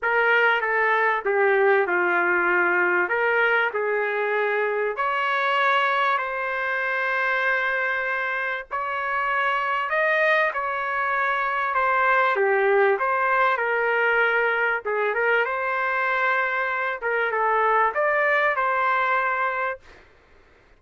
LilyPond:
\new Staff \with { instrumentName = "trumpet" } { \time 4/4 \tempo 4 = 97 ais'4 a'4 g'4 f'4~ | f'4 ais'4 gis'2 | cis''2 c''2~ | c''2 cis''2 |
dis''4 cis''2 c''4 | g'4 c''4 ais'2 | gis'8 ais'8 c''2~ c''8 ais'8 | a'4 d''4 c''2 | }